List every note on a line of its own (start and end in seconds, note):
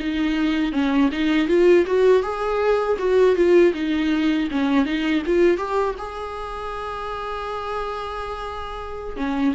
0.00 0.73 D#4
0.73 1.10 C#4
1.12 1.48 D#4
1.48 1.86 F4
1.86 2.23 F#4
2.23 2.98 G#4
2.99 3.36 F#4
3.36 3.74 F4
3.74 4.49 D#4
4.51 4.85 C#4
4.85 5.23 D#4
5.27 5.58 F4
5.58 5.95 G4
5.99 9.17 G#4
9.17 9.55 C#4